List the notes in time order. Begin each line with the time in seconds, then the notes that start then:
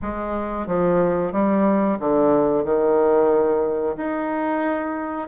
0.01 G#3
0.66 F3
1.32 G3
1.99 D3
2.64 D#3
3.96 D#4